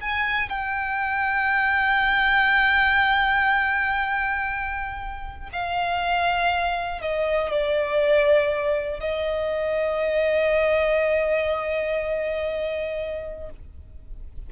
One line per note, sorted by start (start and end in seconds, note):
0.00 0.49 G#5
0.49 5.49 G5
5.52 7.01 F5
7.01 7.51 D#5
7.51 9.00 D5
9.00 13.50 D#5